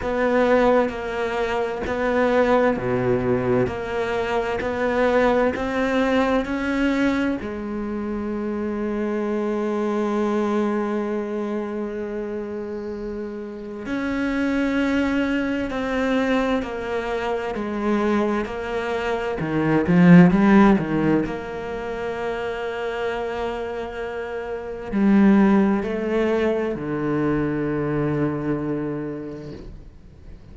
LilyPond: \new Staff \with { instrumentName = "cello" } { \time 4/4 \tempo 4 = 65 b4 ais4 b4 b,4 | ais4 b4 c'4 cis'4 | gis1~ | gis2. cis'4~ |
cis'4 c'4 ais4 gis4 | ais4 dis8 f8 g8 dis8 ais4~ | ais2. g4 | a4 d2. | }